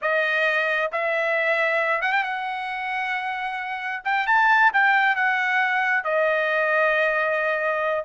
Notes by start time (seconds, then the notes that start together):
0.01 D#5
0.92 E5
2.01 F#5
2.12 G5
2.23 F#5
4.04 G5
4.26 A5
4.73 G5
5.15 F#5
6.04 D#5